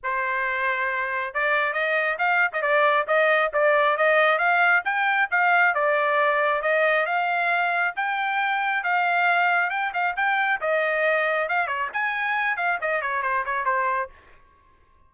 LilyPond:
\new Staff \with { instrumentName = "trumpet" } { \time 4/4 \tempo 4 = 136 c''2. d''4 | dis''4 f''8. dis''16 d''4 dis''4 | d''4 dis''4 f''4 g''4 | f''4 d''2 dis''4 |
f''2 g''2 | f''2 g''8 f''8 g''4 | dis''2 f''8 cis''8 gis''4~ | gis''8 f''8 dis''8 cis''8 c''8 cis''8 c''4 | }